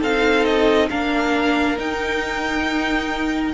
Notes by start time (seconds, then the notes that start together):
0.00 C4 D#4 A4 F5
0.45 D#5
0.90 A#3 D4 A#4 F5
1.78 D#4 G5